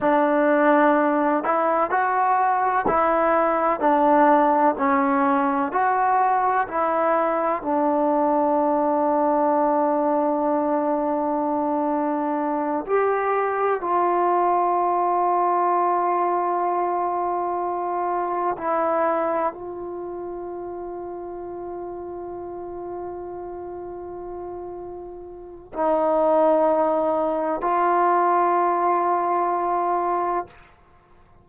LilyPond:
\new Staff \with { instrumentName = "trombone" } { \time 4/4 \tempo 4 = 63 d'4. e'8 fis'4 e'4 | d'4 cis'4 fis'4 e'4 | d'1~ | d'4. g'4 f'4.~ |
f'2.~ f'8 e'8~ | e'8 f'2.~ f'8~ | f'2. dis'4~ | dis'4 f'2. | }